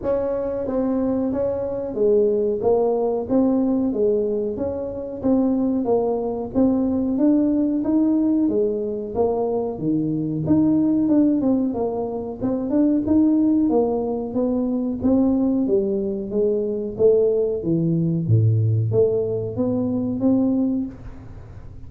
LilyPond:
\new Staff \with { instrumentName = "tuba" } { \time 4/4 \tempo 4 = 92 cis'4 c'4 cis'4 gis4 | ais4 c'4 gis4 cis'4 | c'4 ais4 c'4 d'4 | dis'4 gis4 ais4 dis4 |
dis'4 d'8 c'8 ais4 c'8 d'8 | dis'4 ais4 b4 c'4 | g4 gis4 a4 e4 | a,4 a4 b4 c'4 | }